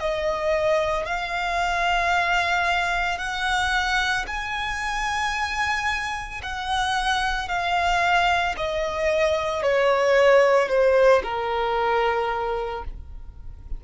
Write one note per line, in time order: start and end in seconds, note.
0.00 1.06 D#5
1.06 3.19 F5
3.19 4.26 F#5
4.27 6.41 G#5
6.43 7.49 F#5
7.49 8.56 F5
8.58 9.63 D#5
9.63 10.69 C#5
10.69 11.23 C5
11.24 12.84 A#4